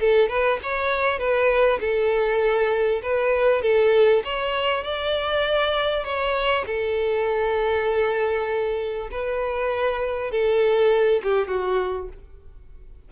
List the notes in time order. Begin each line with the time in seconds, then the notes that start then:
0.00 A4
0.29 B4
0.63 C#5
1.19 B4
1.80 A4
3.03 B4
3.63 A4
4.25 C#5
4.84 D5
6.05 C#5
6.67 A4
9.12 B4
10.31 A4
11.24 G4
11.48 F#4